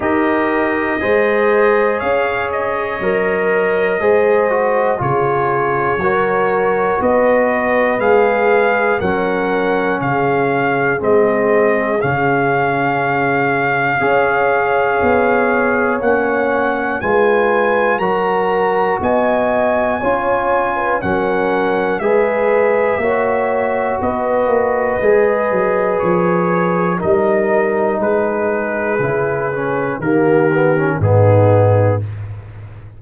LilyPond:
<<
  \new Staff \with { instrumentName = "trumpet" } { \time 4/4 \tempo 4 = 60 dis''2 f''8 dis''4.~ | dis''4 cis''2 dis''4 | f''4 fis''4 f''4 dis''4 | f''1 |
fis''4 gis''4 ais''4 gis''4~ | gis''4 fis''4 e''2 | dis''2 cis''4 dis''4 | b'2 ais'4 gis'4 | }
  \new Staff \with { instrumentName = "horn" } { \time 4/4 ais'4 c''4 cis''2 | c''4 gis'4 ais'4 b'4~ | b'4 ais'4 gis'2~ | gis'2 cis''2~ |
cis''4 b'4 ais'4 dis''4 | cis''8. b'16 ais'4 b'4 cis''4 | b'2. ais'4 | gis'2 g'4 dis'4 | }
  \new Staff \with { instrumentName = "trombone" } { \time 4/4 g'4 gis'2 ais'4 | gis'8 fis'8 f'4 fis'2 | gis'4 cis'2 c'4 | cis'2 gis'2 |
cis'4 f'4 fis'2 | f'4 cis'4 gis'4 fis'4~ | fis'4 gis'2 dis'4~ | dis'4 e'8 cis'8 ais8 b16 cis'16 b4 | }
  \new Staff \with { instrumentName = "tuba" } { \time 4/4 dis'4 gis4 cis'4 fis4 | gis4 cis4 fis4 b4 | gis4 fis4 cis4 gis4 | cis2 cis'4 b4 |
ais4 gis4 fis4 b4 | cis'4 fis4 gis4 ais4 | b8 ais8 gis8 fis8 f4 g4 | gis4 cis4 dis4 gis,4 | }
>>